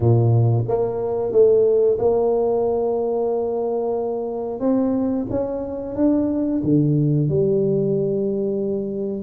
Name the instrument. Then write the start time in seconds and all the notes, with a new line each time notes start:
tuba
0.00 A#2
0.68 A#3
1.32 A3
1.98 A#3
4.60 C4
5.30 C#4
5.95 D4
6.63 D3
7.28 G3